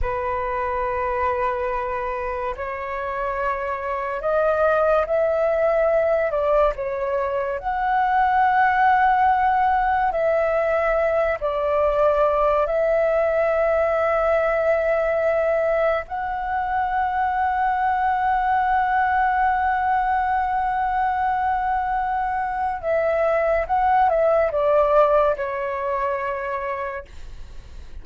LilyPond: \new Staff \with { instrumentName = "flute" } { \time 4/4 \tempo 4 = 71 b'2. cis''4~ | cis''4 dis''4 e''4. d''8 | cis''4 fis''2. | e''4. d''4. e''4~ |
e''2. fis''4~ | fis''1~ | fis''2. e''4 | fis''8 e''8 d''4 cis''2 | }